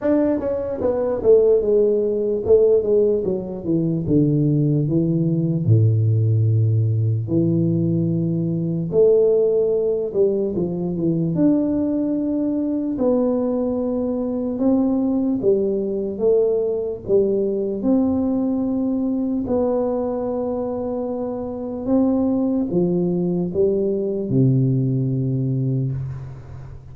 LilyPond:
\new Staff \with { instrumentName = "tuba" } { \time 4/4 \tempo 4 = 74 d'8 cis'8 b8 a8 gis4 a8 gis8 | fis8 e8 d4 e4 a,4~ | a,4 e2 a4~ | a8 g8 f8 e8 d'2 |
b2 c'4 g4 | a4 g4 c'2 | b2. c'4 | f4 g4 c2 | }